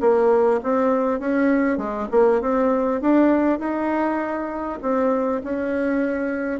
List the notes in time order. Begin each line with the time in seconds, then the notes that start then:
0.00 A#3
0.63 C4
1.19 C#4
1.77 G#3
2.11 A#3
2.41 C4
3.01 D4
3.59 D#4
4.82 C4
5.43 C#4